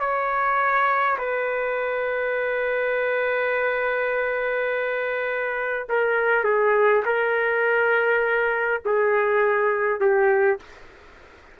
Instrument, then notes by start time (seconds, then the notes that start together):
trumpet
0.00 C#5
1.18 B4
5.89 A#4
6.44 G#4
7.05 A#4
8.86 G#4
10.01 G4